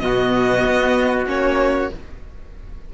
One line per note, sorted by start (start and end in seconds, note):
0.00 0.63 B2
0.00 1.27 B3
0.00 1.94 F#4
0.00 1.26 D#5
0.64 1.26 B3
1.26 1.89 A#3
1.26 1.90 C#4
1.26 1.92 C#5